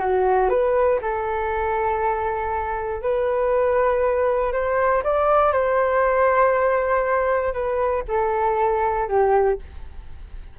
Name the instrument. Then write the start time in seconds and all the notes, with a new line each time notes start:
flute
0.00 F#4
0.50 B4
1.02 A4
3.03 B4
4.53 C5
5.04 D5
5.53 C5
7.54 B4
8.08 A4
9.09 G4